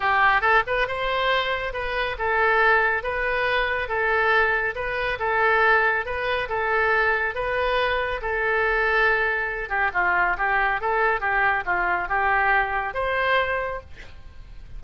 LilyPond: \new Staff \with { instrumentName = "oboe" } { \time 4/4 \tempo 4 = 139 g'4 a'8 b'8 c''2 | b'4 a'2 b'4~ | b'4 a'2 b'4 | a'2 b'4 a'4~ |
a'4 b'2 a'4~ | a'2~ a'8 g'8 f'4 | g'4 a'4 g'4 f'4 | g'2 c''2 | }